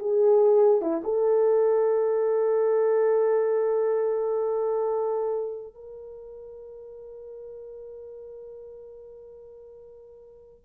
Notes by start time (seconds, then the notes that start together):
0.00 G#4
0.82 E4
1.04 A4
5.75 A#4